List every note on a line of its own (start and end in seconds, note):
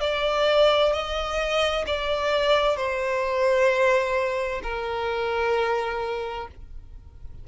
0.00 0.92 D5
0.92 1.85 D#5
1.86 2.77 D5
2.77 4.61 C5
4.63 6.47 A#4